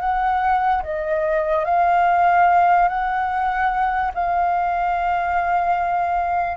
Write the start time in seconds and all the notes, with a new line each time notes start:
0.00 F#5
0.83 D#5
1.65 F5
2.88 F#5
4.14 F5